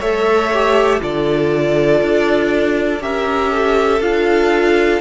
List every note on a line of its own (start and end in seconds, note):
0.00 1.01 A3
0.00 0.52 A4
0.00 1.00 C#5
0.00 1.01 E5
0.54 1.00 G4
1.00 2.02 D3
1.00 3.00 F4
1.00 3.02 A4
1.00 3.02 D5
2.02 3.00 D4
3.00 4.00 C#4
3.00 4.01 G4
3.00 3.52 A#4
3.00 4.02 E5
3.52 5.01 A4
4.01 5.01 D4
4.01 5.01 F4
4.01 5.01 F5